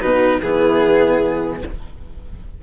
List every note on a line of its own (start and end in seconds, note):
0.00 0.42 B2
0.00 0.41 D#4
0.00 0.40 F#4
0.00 0.40 B4
0.41 1.62 E3
0.41 1.62 B3
0.41 1.61 E4
0.41 1.61 G#4